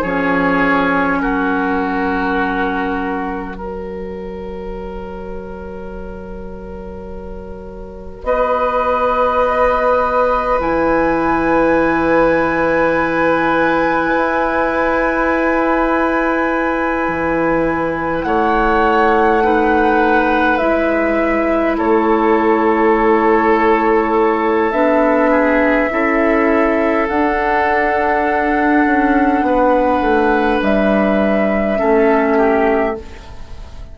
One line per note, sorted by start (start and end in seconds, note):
0.00 1.19 F3
0.00 3.55 C#4
0.00 1.18 G#4
0.00 1.20 C#5
1.19 8.23 F#3
1.19 3.57 F#4
1.19 3.54 A#4
3.54 10.59 F#4
3.54 8.25 A#4
3.54 8.24 C#5
8.23 10.58 B3
8.23 18.25 B4
8.23 10.59 D#5
10.59 14.12 E3
10.59 19.41 E4
10.59 18.22 G#5
14.16 17.07 E4
17.07 18.24 E3
18.22 20.59 A3
18.22 19.43 C#5
18.22 20.58 F#5
19.42 20.59 D#4
19.42 21.77 B4
20.58 21.78 G#3
20.58 24.71 E4
20.58 21.75 E5
21.77 24.71 A3
21.77 25.30 A4
21.77 24.71 C#5
24.71 25.89 B3
24.71 25.89 D4
24.71 27.07 E5
25.30 25.89 G#4
25.89 27.09 C#4
25.89 27.07 E4
25.89 29.45 A4
27.08 28.85 D4
27.08 31.76 D4
27.08 30.61 F#5
28.85 29.41 C#4
29.41 30.00 B3
29.41 31.78 B4
30.00 30.59 A3
30.61 31.79 G3
30.61 32.97 E5
31.76 32.98 A3
31.76 32.94 C#4
31.76 32.37 A4
32.37 32.96 G4